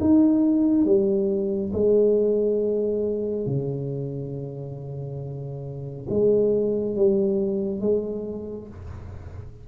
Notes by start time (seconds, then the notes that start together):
0.00 D#4
0.85 G3
1.72 G#3
3.46 C#3
6.09 G#3
6.96 G3
7.80 G#3